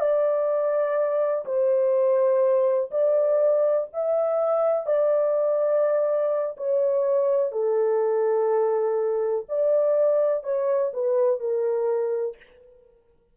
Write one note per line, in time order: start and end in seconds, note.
0.00 1.45 D5
1.46 2.91 C5
2.91 3.88 D5
3.93 4.87 E5
4.87 6.56 D5
6.57 7.52 C#5
7.52 9.46 A4
9.49 10.44 D5
10.44 10.92 C#5
10.94 11.40 B4
11.40 12.37 A#4